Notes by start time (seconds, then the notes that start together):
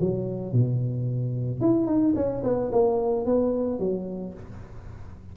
0.00 F#3
0.52 B2
1.60 E4
1.86 D#4
2.15 C#4
2.43 B3
2.71 A#3
3.26 B3
3.79 F#3